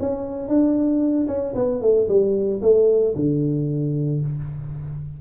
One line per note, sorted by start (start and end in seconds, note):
0.00 0.48 C#4
0.48 1.27 D4
1.28 1.54 C#4
1.55 1.81 B3
1.81 2.08 A3
2.08 2.61 G3
2.62 3.15 A3
3.15 4.21 D3